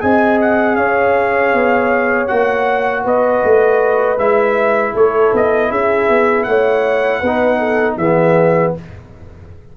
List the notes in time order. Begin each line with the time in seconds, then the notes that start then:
0.00 C4 G#4 D#5 G#5
0.41 F#5
0.76 C#4 C#5 F5
1.54 B3
2.28 A#3 F#4 F#5
3.04 B3 B4 D#5
3.44 A3
4.18 G#3 E4 E5
4.94 A3 A4 C#5
5.33 B3 D#5
5.71 C#4 G#4 E5
6.09 B3
6.44 A3 C#5 F#5
7.20 B3 B4
7.27 D#4
7.59 A4
7.97 E3 B3 G#4 E5